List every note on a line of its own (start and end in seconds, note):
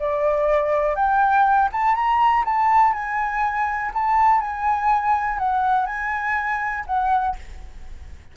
0.00 0.96 D5
0.96 1.70 G5
1.73 1.96 A5
1.96 2.45 A#5
2.45 2.94 A5
2.94 3.92 G#5
3.94 4.41 A5
4.41 5.39 G#5
5.39 5.87 F#5
5.87 6.85 G#5
6.87 7.36 F#5